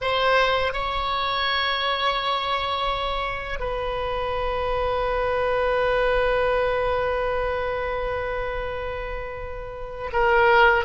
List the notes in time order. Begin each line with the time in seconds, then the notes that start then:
0.01 C5
0.73 C#5
3.59 B4
10.12 A#4